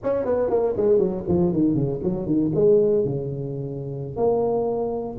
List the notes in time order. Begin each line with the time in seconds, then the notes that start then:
0.03 C#4
0.25 B3
0.50 A#3
0.76 G#3
0.98 F#3
1.27 F3
1.52 D#3
1.74 C#3
2.03 F#3
2.26 D#3
2.54 G#3
3.04 C#3
4.16 A#3